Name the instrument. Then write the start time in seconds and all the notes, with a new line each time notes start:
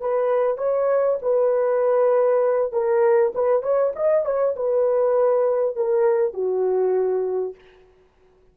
horn
0.00 B4
0.58 C#5
1.22 B4
2.72 A#4
3.35 B4
3.62 C#5
3.96 D#5
4.25 C#5
4.56 B4
5.76 A#4
6.33 F#4